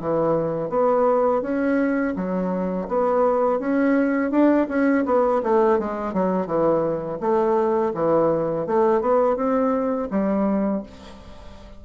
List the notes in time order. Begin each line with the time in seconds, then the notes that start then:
0.00 E3
0.70 B3
1.42 C#4
2.16 F#3
2.88 B3
3.59 C#4
4.31 D4
4.69 C#4
5.06 B3
5.43 A3
5.79 G#3
6.13 F#3
6.47 E3
7.20 A3
7.95 E3
8.67 A3
9.01 B3
9.36 C4
10.11 G3